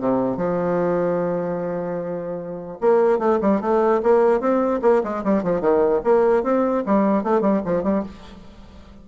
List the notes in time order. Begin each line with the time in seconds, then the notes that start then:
0.00 C3
0.37 F3
2.81 A#3
3.19 A3
3.41 G3
3.61 A3
4.03 A#3
4.40 C4
4.82 A#3
5.04 G#3
5.24 G3
5.43 F3
5.61 D#3
6.04 A#3
6.43 C4
6.86 G3
7.23 A3
7.41 G3
7.65 F3
7.83 G3